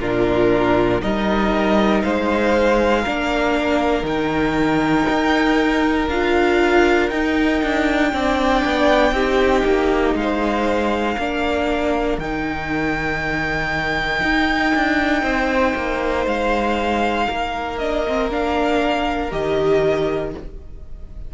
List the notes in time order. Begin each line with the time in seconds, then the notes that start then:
0.00 A#2 D4 F4 A#4
1.01 G3 D#4 A#4 D#5
2.03 G#3 C5 F5
3.02 A#3 D4 A#4
4.04 D#3 D#4 G5
5.10 D#4
6.08 D4 F4 F5
7.10 D#4 G5
7.64 D4
8.13 C4 D4 D5
8.65 B3
9.12 C4 D#4 G4
9.65 A#3
10.15 G#3 C5 F5
11.18 A#3 D4 A#4
12.18 D#3 D#4 G5
14.23 D#4
14.76 D4
15.23 C4 C5
15.76 A#3
16.26 G#3 F5
17.26 A#3 A#4
17.79 D4 D#5
18.08 C4
18.31 D4 F5
19.32 D#3 G4 D#5